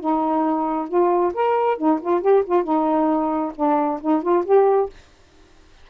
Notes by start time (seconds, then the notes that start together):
0.00 D#4
0.88 F4
1.34 A#4
1.78 D#4
2.02 F4
2.21 G4
2.46 F4
2.64 D#4
3.56 D4
4.01 D#4
4.23 F4
4.45 G4